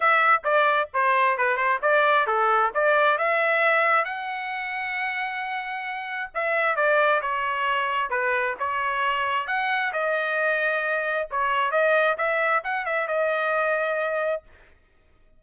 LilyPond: \new Staff \with { instrumentName = "trumpet" } { \time 4/4 \tempo 4 = 133 e''4 d''4 c''4 b'8 c''8 | d''4 a'4 d''4 e''4~ | e''4 fis''2.~ | fis''2 e''4 d''4 |
cis''2 b'4 cis''4~ | cis''4 fis''4 dis''2~ | dis''4 cis''4 dis''4 e''4 | fis''8 e''8 dis''2. | }